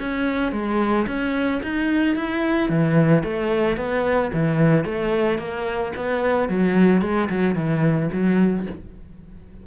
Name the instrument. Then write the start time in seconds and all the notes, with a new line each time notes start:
cello
0.00 C#4
0.53 G#3
1.08 C#4
1.63 D#4
2.16 E4
2.70 E3
3.24 A3
3.77 B3
4.34 E3
4.85 A3
5.39 A#3
5.97 B3
6.49 F#3
7.02 G#3
7.30 F#3
7.56 E3
8.13 F#3